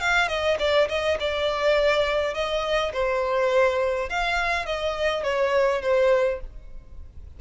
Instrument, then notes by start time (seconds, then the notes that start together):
violin
0.00 F5
0.28 D#5
0.59 D5
0.88 D#5
1.19 D5
2.34 D#5
2.92 C5
4.09 F5
4.65 D#5
5.23 C#5
5.81 C5